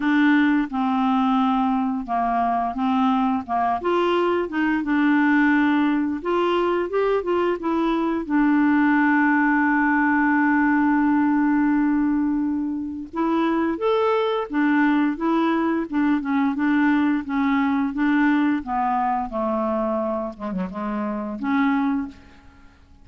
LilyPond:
\new Staff \with { instrumentName = "clarinet" } { \time 4/4 \tempo 4 = 87 d'4 c'2 ais4 | c'4 ais8 f'4 dis'8 d'4~ | d'4 f'4 g'8 f'8 e'4 | d'1~ |
d'2. e'4 | a'4 d'4 e'4 d'8 cis'8 | d'4 cis'4 d'4 b4 | a4. gis16 fis16 gis4 cis'4 | }